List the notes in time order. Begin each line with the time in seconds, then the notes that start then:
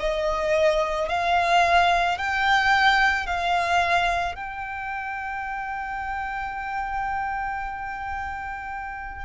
0.00 D#5
1.09 F5
2.18 G5
3.27 F5
4.35 G5